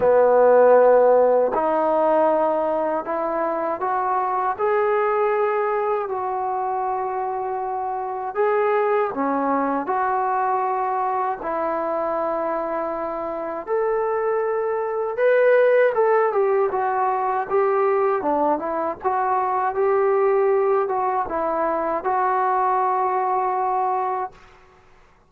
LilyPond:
\new Staff \with { instrumentName = "trombone" } { \time 4/4 \tempo 4 = 79 b2 dis'2 | e'4 fis'4 gis'2 | fis'2. gis'4 | cis'4 fis'2 e'4~ |
e'2 a'2 | b'4 a'8 g'8 fis'4 g'4 | d'8 e'8 fis'4 g'4. fis'8 | e'4 fis'2. | }